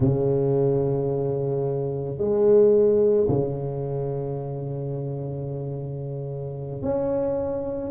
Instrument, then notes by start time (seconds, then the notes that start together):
tuba
0.00 C#3
2.18 G#3
3.28 C#3
6.82 C#4